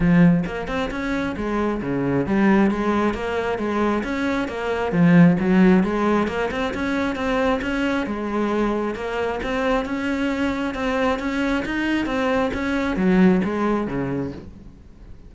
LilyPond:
\new Staff \with { instrumentName = "cello" } { \time 4/4 \tempo 4 = 134 f4 ais8 c'8 cis'4 gis4 | cis4 g4 gis4 ais4 | gis4 cis'4 ais4 f4 | fis4 gis4 ais8 c'8 cis'4 |
c'4 cis'4 gis2 | ais4 c'4 cis'2 | c'4 cis'4 dis'4 c'4 | cis'4 fis4 gis4 cis4 | }